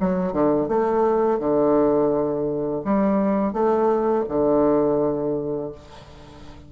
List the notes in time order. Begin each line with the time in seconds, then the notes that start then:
0.00 F#3
0.32 D3
0.69 A3
1.40 D3
2.84 G3
3.53 A3
4.29 D3